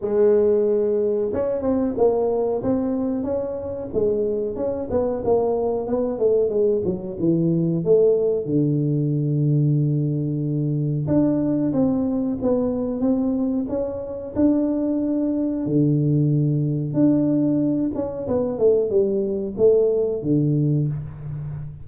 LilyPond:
\new Staff \with { instrumentName = "tuba" } { \time 4/4 \tempo 4 = 92 gis2 cis'8 c'8 ais4 | c'4 cis'4 gis4 cis'8 b8 | ais4 b8 a8 gis8 fis8 e4 | a4 d2.~ |
d4 d'4 c'4 b4 | c'4 cis'4 d'2 | d2 d'4. cis'8 | b8 a8 g4 a4 d4 | }